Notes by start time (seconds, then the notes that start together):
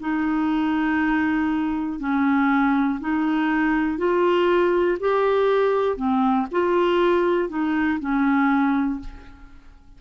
0.00 D#4
2.00 C#4
3.00 D#4
3.98 F4
5.00 G4
5.97 C4
6.52 F4
7.49 D#4
8.00 C#4